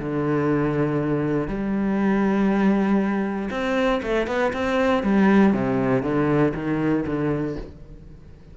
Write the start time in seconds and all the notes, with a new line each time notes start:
0.00 D3
1.48 G3
3.51 C4
4.03 A3
4.27 B3
4.53 C4
5.04 G3
5.53 C3
6.03 D3
6.54 D#3
7.07 D3